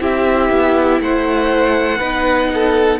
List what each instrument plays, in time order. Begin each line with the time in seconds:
0.00 cello C4, viola E4, violin G4 E5
0.50 cello B3
1.00 cello A3, violin C5 F#5
1.99 cello B3, viola D#4, violin B4
2.54 violin A4